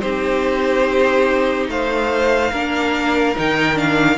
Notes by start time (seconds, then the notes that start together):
0.00 C4 D#4 G4 C5
1.68 A3 C5 F5
2.51 A#3 D4 A#4
3.35 D#3 D#4 G5
3.74 D4 F5